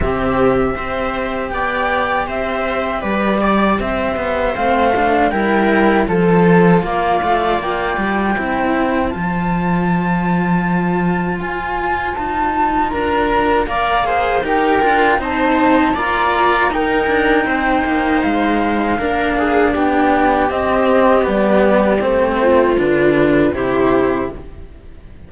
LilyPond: <<
  \new Staff \with { instrumentName = "flute" } { \time 4/4 \tempo 4 = 79 e''2 g''4 e''4 | d''4 e''4 f''4 g''4 | a''4 f''4 g''2 | a''2. gis''4 |
a''4 ais''4 f''4 g''4 | a''4 ais''4 g''2 | f''2 g''4 dis''4 | d''4 c''4 b'4 c''4 | }
  \new Staff \with { instrumentName = "viola" } { \time 4/4 g'4 c''4 d''4 c''4 | b'8 d''8 c''2 ais'4 | a'4 d''2 c''4~ | c''1~ |
c''4 ais'4 d''8 c''8 ais'4 | c''4 d''4 ais'4 c''4~ | c''4 ais'8 gis'8 g'2~ | g'4. f'4. g'4 | }
  \new Staff \with { instrumentName = "cello" } { \time 4/4 c'4 g'2.~ | g'2 c'8 d'8 e'4 | f'2. e'4 | f'1~ |
f'2 ais'8 gis'8 g'8 f'8 | dis'4 f'4 dis'2~ | dis'4 d'2 c'4 | b4 c'4 d'4 e'4 | }
  \new Staff \with { instrumentName = "cello" } { \time 4/4 c4 c'4 b4 c'4 | g4 c'8 b8 a4 g4 | f4 ais8 a8 ais8 g8 c'4 | f2. f'4 |
dis'4 d'4 ais4 dis'8 d'8 | c'4 ais4 dis'8 d'8 c'8 ais8 | gis4 ais4 b4 c'4 | g4 a4 d4 c4 | }
>>